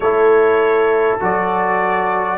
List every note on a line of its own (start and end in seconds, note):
0.00 1.17 A3
0.00 1.20 E4
0.00 2.37 A4
0.00 1.19 C#5
1.20 2.37 F#3
1.20 2.37 F#4
1.20 2.37 D5